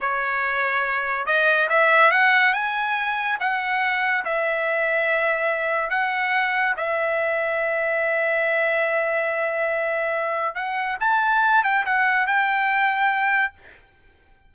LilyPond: \new Staff \with { instrumentName = "trumpet" } { \time 4/4 \tempo 4 = 142 cis''2. dis''4 | e''4 fis''4 gis''2 | fis''2 e''2~ | e''2 fis''2 |
e''1~ | e''1~ | e''4 fis''4 a''4. g''8 | fis''4 g''2. | }